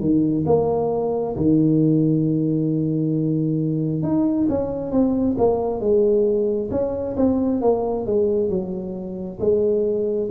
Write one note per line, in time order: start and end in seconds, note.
0.00 0.45 D#3
0.46 1.36 A#3
1.36 4.02 D#3
4.02 4.47 D#4
4.49 4.91 C#4
4.91 5.36 C4
5.37 5.80 A#3
5.80 6.70 G#3
6.71 7.16 C#4
7.16 7.61 C4
7.61 8.06 A#3
8.06 8.49 G#3
8.49 9.39 F#3
9.39 10.29 G#3